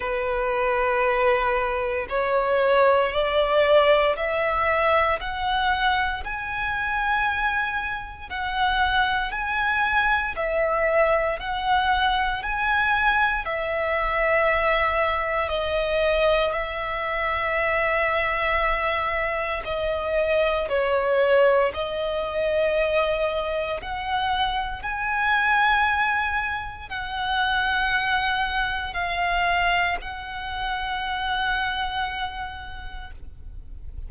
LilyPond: \new Staff \with { instrumentName = "violin" } { \time 4/4 \tempo 4 = 58 b'2 cis''4 d''4 | e''4 fis''4 gis''2 | fis''4 gis''4 e''4 fis''4 | gis''4 e''2 dis''4 |
e''2. dis''4 | cis''4 dis''2 fis''4 | gis''2 fis''2 | f''4 fis''2. | }